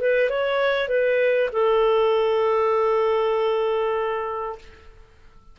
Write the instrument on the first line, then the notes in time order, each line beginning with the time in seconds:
clarinet
0.00 B4
0.29 C#5
0.88 B4
1.52 A4